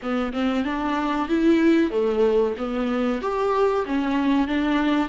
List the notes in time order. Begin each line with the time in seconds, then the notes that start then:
0.02 B3
0.32 C4
0.64 D4
1.28 E4
1.91 A3
2.57 B3
3.21 G4
3.85 C#4
4.47 D4